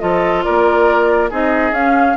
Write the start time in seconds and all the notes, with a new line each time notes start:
0.00 F3 F4 A4 D#5
0.44 A#3 A#4 D5
1.30 C4 D#4 G#4 D#5
1.71 C#4 F5